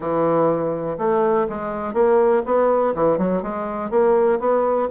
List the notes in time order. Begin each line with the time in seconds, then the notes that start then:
0.00 E3
0.98 A3
1.49 G#3
1.93 A#3
2.45 B3
2.94 E3
3.18 F#3
3.42 G#3
3.90 A#3
4.39 B3